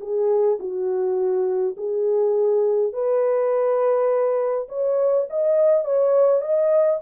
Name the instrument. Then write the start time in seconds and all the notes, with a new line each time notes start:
horn
0.00 G#4
0.59 F#4
1.76 G#4
2.93 B4
4.68 C#5
5.29 D#5
5.84 C#5
6.41 D#5